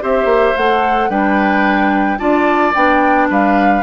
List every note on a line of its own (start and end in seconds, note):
0.00 0.25 C4
0.00 0.55 G4
0.00 1.09 C5
0.00 0.57 E5
0.25 0.52 A#3
0.56 1.09 A3
0.56 1.10 A4
0.56 1.10 F#5
1.09 2.18 G3
1.09 2.18 D4
1.09 2.18 B4
1.09 2.18 G5
2.18 2.74 D4
2.18 2.73 F4
2.18 3.28 D5
2.18 2.73 A5
2.74 3.30 B3
2.74 3.83 D4
2.74 3.29 G5
3.29 3.83 G3
3.29 3.83 B4
3.29 3.83 F5